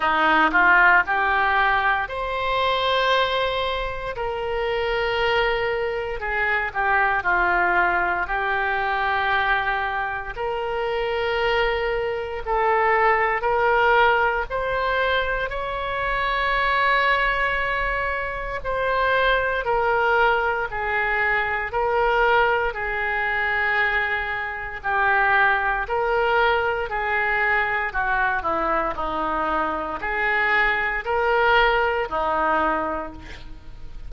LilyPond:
\new Staff \with { instrumentName = "oboe" } { \time 4/4 \tempo 4 = 58 dis'8 f'8 g'4 c''2 | ais'2 gis'8 g'8 f'4 | g'2 ais'2 | a'4 ais'4 c''4 cis''4~ |
cis''2 c''4 ais'4 | gis'4 ais'4 gis'2 | g'4 ais'4 gis'4 fis'8 e'8 | dis'4 gis'4 ais'4 dis'4 | }